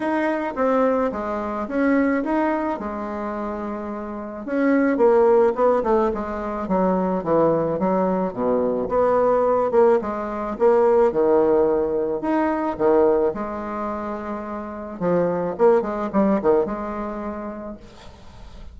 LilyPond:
\new Staff \with { instrumentName = "bassoon" } { \time 4/4 \tempo 4 = 108 dis'4 c'4 gis4 cis'4 | dis'4 gis2. | cis'4 ais4 b8 a8 gis4 | fis4 e4 fis4 b,4 |
b4. ais8 gis4 ais4 | dis2 dis'4 dis4 | gis2. f4 | ais8 gis8 g8 dis8 gis2 | }